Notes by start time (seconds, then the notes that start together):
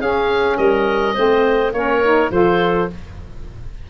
0.00 C#4 G#4 F5
0.57 G3 A#4 D#5
1.14 A3 C4 C5
1.72 A#3 C#4 A#4 C#5
2.04 D#4
2.31 F3 F4 A4 C5